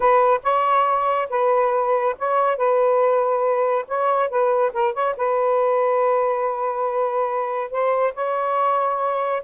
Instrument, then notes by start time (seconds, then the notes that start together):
saxophone
0.00 B4
0.43 C#5
1.29 B4
2.18 C#5
2.56 B4
3.87 C#5
4.29 B4
4.73 A#4
4.93 C#5
5.16 B4
7.70 C5
8.14 C#5